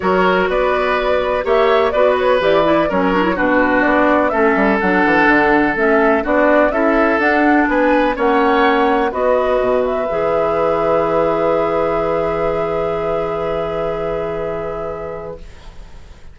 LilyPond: <<
  \new Staff \with { instrumentName = "flute" } { \time 4/4 \tempo 4 = 125 cis''4 d''2 e''4 | d''8 cis''8 d''4 cis''4 b'4 | d''4 e''4 fis''2 | e''4 d''4 e''4 fis''4 |
gis''4 fis''2 dis''4~ | dis''8 e''2.~ e''8~ | e''1~ | e''1 | }
  \new Staff \with { instrumentName = "oboe" } { \time 4/4 ais'4 b'2 cis''4 | b'2 ais'4 fis'4~ | fis'4 a'2.~ | a'4 fis'4 a'2 |
b'4 cis''2 b'4~ | b'1~ | b'1~ | b'1 | }
  \new Staff \with { instrumentName = "clarinet" } { \time 4/4 fis'2. g'4 | fis'4 g'8 e'8 cis'8 d'16 e'16 d'4~ | d'4 cis'4 d'2 | cis'4 d'4 e'4 d'4~ |
d'4 cis'2 fis'4~ | fis'4 gis'2.~ | gis'1~ | gis'1 | }
  \new Staff \with { instrumentName = "bassoon" } { \time 4/4 fis4 b2 ais4 | b4 e4 fis4 b,4 | b4 a8 g8 fis8 e8 d4 | a4 b4 cis'4 d'4 |
b4 ais2 b4 | b,4 e2.~ | e1~ | e1 | }
>>